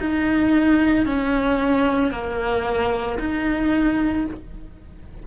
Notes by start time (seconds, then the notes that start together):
0.00 D#4
1.05 C#4
2.11 A#3
3.19 D#4